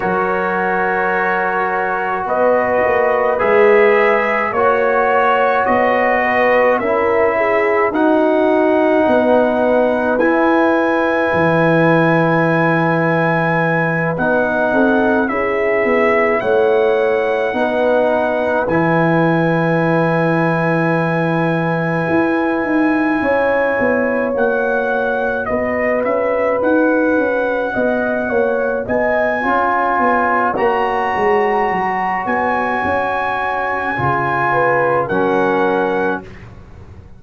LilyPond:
<<
  \new Staff \with { instrumentName = "trumpet" } { \time 4/4 \tempo 4 = 53 cis''2 dis''4 e''4 | cis''4 dis''4 e''4 fis''4~ | fis''4 gis''2.~ | gis''8 fis''4 e''4 fis''4.~ |
fis''8 gis''2.~ gis''8~ | gis''4. fis''4 dis''8 e''8 fis''8~ | fis''4. gis''4. ais''4~ | ais''8 gis''2~ gis''8 fis''4 | }
  \new Staff \with { instrumentName = "horn" } { \time 4/4 ais'2 b'2 | cis''4. b'8 ais'8 gis'8 fis'4 | b'1~ | b'4 a'8 gis'4 cis''4 b'8~ |
b'1~ | b'8 cis''2 b'4.~ | b'8 dis''8 cis''8 dis''8 cis''2~ | cis''2~ cis''8 b'8 ais'4 | }
  \new Staff \with { instrumentName = "trombone" } { \time 4/4 fis'2. gis'4 | fis'2 e'4 dis'4~ | dis'4 e'2.~ | e'8 dis'4 e'2 dis'8~ |
dis'8 e'2.~ e'8~ | e'4. fis'2~ fis'8~ | fis'2 f'4 fis'4~ | fis'2 f'4 cis'4 | }
  \new Staff \with { instrumentName = "tuba" } { \time 4/4 fis2 b8 ais8 gis4 | ais4 b4 cis'4 dis'4 | b4 e'4 e2~ | e8 b8 c'8 cis'8 b8 a4 b8~ |
b8 e2. e'8 | dis'8 cis'8 b8 ais4 b8 cis'8 dis'8 | cis'8 b8 ais8 b8 cis'8 b8 ais8 gis8 | fis8 b8 cis'4 cis4 fis4 | }
>>